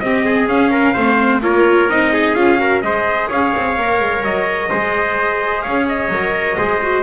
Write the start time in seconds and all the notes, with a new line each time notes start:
0.00 C4 G4 D#5
0.25 G#4
0.47 C#4 F5
0.71 A#4
0.93 A3 C4 C5
1.42 A#3 F4 A#4 C#5
1.88 C4 D#4 D#5
2.13 G#4
2.34 C#4 F4 F5
2.58 F#4 A#4
2.82 G#3 G#4 C5 D#5
3.29 C#4 C#5 F5
3.56 C4
3.77 A#3 A#4
4.00 G#3
4.23 F#3 D#5
4.69 G#3 G#4 C5
5.62 C#4 C#5 F5
5.88 D#5
6.08 F#3 A#4
6.58 G#3 G#4 C5
6.82 F#4